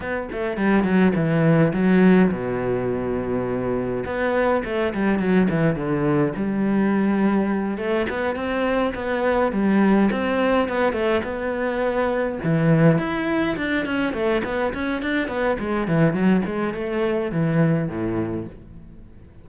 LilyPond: \new Staff \with { instrumentName = "cello" } { \time 4/4 \tempo 4 = 104 b8 a8 g8 fis8 e4 fis4 | b,2. b4 | a8 g8 fis8 e8 d4 g4~ | g4. a8 b8 c'4 b8~ |
b8 g4 c'4 b8 a8 b8~ | b4. e4 e'4 d'8 | cis'8 a8 b8 cis'8 d'8 b8 gis8 e8 | fis8 gis8 a4 e4 a,4 | }